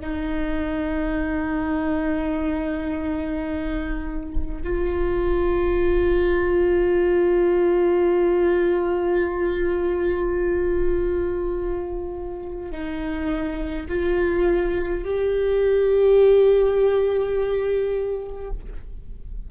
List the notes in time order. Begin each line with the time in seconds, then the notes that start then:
0.00 D#4
4.64 F4
12.71 D#4
13.88 F4
15.04 G4